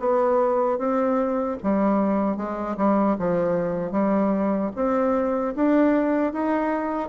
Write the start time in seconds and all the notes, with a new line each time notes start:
0.00 B3
0.79 C4
1.64 G3
2.37 G#3
2.78 G3
3.19 F3
3.92 G3
4.76 C4
5.56 D4
6.33 D#4